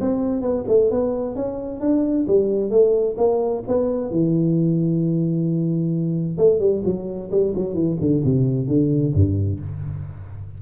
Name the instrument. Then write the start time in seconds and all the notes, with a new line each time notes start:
tuba
0.00 C4
0.41 B3
0.68 A3
0.91 B3
1.35 C#4
1.80 D4
2.27 G3
2.70 A3
3.17 A#3
3.67 B3
4.10 E3
6.37 A3
6.59 G3
6.84 F#3
7.31 G3
7.55 F#3
7.74 E3
8.00 D3
8.24 C3
8.67 D3
9.14 G2